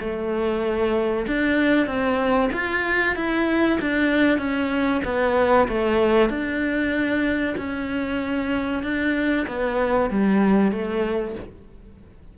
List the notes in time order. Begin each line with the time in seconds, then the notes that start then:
0.00 A3
1.27 D4
1.87 C4
2.53 F4
3.16 E4
3.81 D4
4.39 C#4
5.05 B3
5.68 A3
6.30 D4
7.58 C#4
8.83 D4
9.48 B3
10.11 G3
10.72 A3